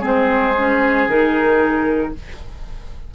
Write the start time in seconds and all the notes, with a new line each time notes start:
0.00 G#3 C4 G#4
0.06 C5
0.57 C#4
1.07 D#3 D#4 A#4